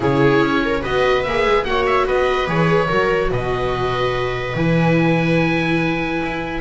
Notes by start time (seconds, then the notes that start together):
0.00 C#3 E4 G#4 C#5
0.40 C#4
0.64 A#4
0.81 B3 F#4 B4 D#5
1.22 A#3 G#4 E5
1.46 G#3
1.64 A#3 F#4 C#5 F#5
1.85 E5
2.06 B3 B4 D#5
2.46 E3 G#4 C#5
2.88 F#3 F#4 A#4
3.30 B2 B4 D#5
4.55 E3 E4 G#5
6.22 E4